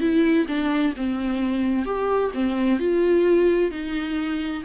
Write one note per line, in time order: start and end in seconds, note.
0.00 0.46 E4
0.48 0.94 D4
0.96 1.85 C4
1.85 2.31 G4
2.34 2.79 C4
2.79 3.71 F4
3.71 4.63 D#4